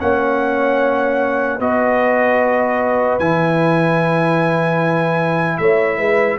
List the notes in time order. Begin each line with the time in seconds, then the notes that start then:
0.00 A#3 C#4 C#5 F#5
1.58 B3 F#4 B4 D#5
3.19 E3 E4 G#5
5.58 A3 C#5 E5
5.98 G#3 B4